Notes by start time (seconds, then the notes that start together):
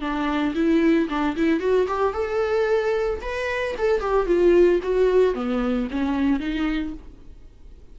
0.00 D4
0.55 E4
1.09 D4
1.36 E4
1.60 F#4
1.87 G4
2.13 A4
3.21 B4
3.78 A4
4.00 G4
4.26 F4
4.83 F#4
5.34 B3
5.91 C#4
6.39 D#4